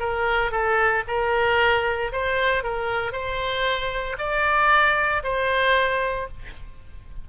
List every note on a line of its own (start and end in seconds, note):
0.00 0.52 A#4
0.52 1.04 A4
1.08 2.12 A#4
2.13 2.64 C5
2.64 3.13 A#4
3.13 4.17 C5
4.19 5.23 D5
5.24 6.28 C5